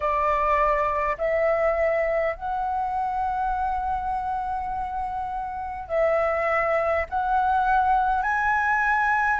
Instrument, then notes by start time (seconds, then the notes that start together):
flute
0.00 D5
1.18 E5
2.35 F#5
5.88 E5
7.09 F#5
8.22 G#5